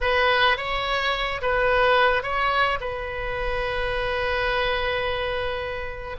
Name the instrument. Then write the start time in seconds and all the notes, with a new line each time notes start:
oboe
0.01 B4
0.57 C#5
1.41 B4
2.23 C#5
2.80 B4